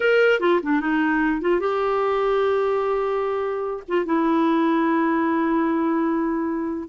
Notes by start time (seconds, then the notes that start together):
0.00 A#4
0.40 F4
0.62 D4
0.80 D#4
1.41 F4
1.60 G4
3.88 F4
4.05 E4